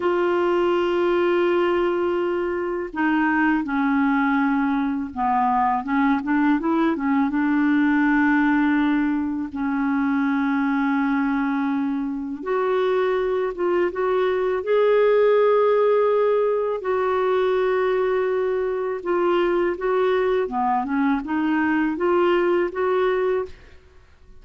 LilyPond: \new Staff \with { instrumentName = "clarinet" } { \time 4/4 \tempo 4 = 82 f'1 | dis'4 cis'2 b4 | cis'8 d'8 e'8 cis'8 d'2~ | d'4 cis'2.~ |
cis'4 fis'4. f'8 fis'4 | gis'2. fis'4~ | fis'2 f'4 fis'4 | b8 cis'8 dis'4 f'4 fis'4 | }